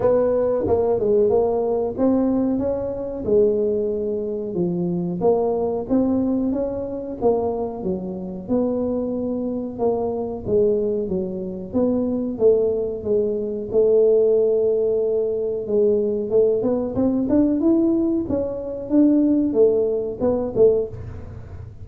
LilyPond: \new Staff \with { instrumentName = "tuba" } { \time 4/4 \tempo 4 = 92 b4 ais8 gis8 ais4 c'4 | cis'4 gis2 f4 | ais4 c'4 cis'4 ais4 | fis4 b2 ais4 |
gis4 fis4 b4 a4 | gis4 a2. | gis4 a8 b8 c'8 d'8 e'4 | cis'4 d'4 a4 b8 a8 | }